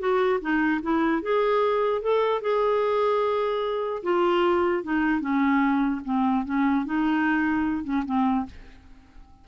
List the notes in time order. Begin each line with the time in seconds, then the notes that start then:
0.00 F#4
0.41 D#4
0.82 E4
1.22 G#4
2.02 A4
2.42 G#4
4.03 F4
4.84 D#4
5.21 C#4
6.05 C4
6.45 C#4
6.86 D#4
7.84 C#4
8.06 C4